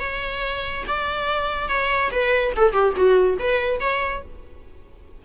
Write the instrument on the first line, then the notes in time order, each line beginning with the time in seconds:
viola
0.00 C#5
0.87 D5
1.69 C#5
2.11 B4
2.56 A4
2.73 G4
2.96 F#4
3.39 B4
3.80 C#5